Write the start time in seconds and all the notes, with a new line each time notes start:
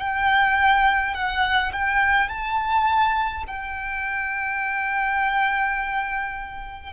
0.00 G5
1.14 F#5
1.73 G5
2.29 A5
3.47 G5